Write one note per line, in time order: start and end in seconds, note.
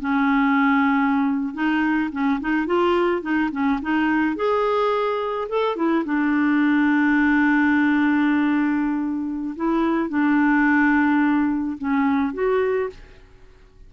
0.00 1.54 C#4
1.54 2.10 D#4
2.12 2.40 C#4
2.41 2.66 D#4
2.66 3.22 F4
3.22 3.50 D#4
3.51 3.80 C#4
3.82 4.36 D#4
4.36 5.48 G#4
5.49 5.76 A4
5.76 6.04 E4
6.05 9.55 D4
9.56 10.09 E4
10.09 11.77 D4
11.78 12.33 C#4
12.33 12.89 F#4